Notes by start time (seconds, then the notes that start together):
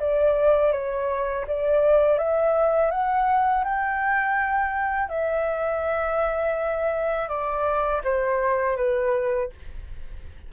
0.00 D5
0.73 C#5
1.48 D5
2.19 E5
2.91 F#5
3.65 G5
5.09 E5
7.29 D5
8.05 C5
8.77 B4